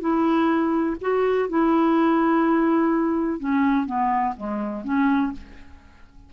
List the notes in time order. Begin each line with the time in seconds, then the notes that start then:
0.00 E4
1.01 F#4
1.49 E4
3.39 C#4
3.86 B3
4.37 G#3
4.84 C#4